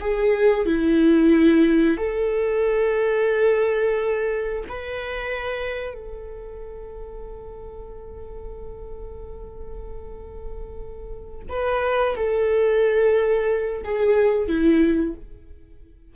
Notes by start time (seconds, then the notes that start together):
0.00 G#4
0.65 E4
1.97 A4
4.68 B4
5.94 A4
11.49 B4
12.15 A4
13.84 G#4
14.48 E4